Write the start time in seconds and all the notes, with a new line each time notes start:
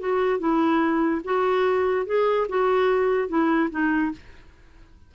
0.00 F#4
0.40 E4
1.25 F#4
2.06 G#4
2.49 F#4
3.29 E4
3.71 D#4